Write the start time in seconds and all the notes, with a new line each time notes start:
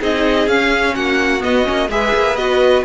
0.00 C4 D#4 G#4 D#5
0.48 C#4 F5
0.95 A#3 F#4 F#5
1.40 B3 D#5
1.64 A#3 C#4
1.90 G#3 G#4 B4 E5
2.14 A#3
2.35 B3 F#4 D#5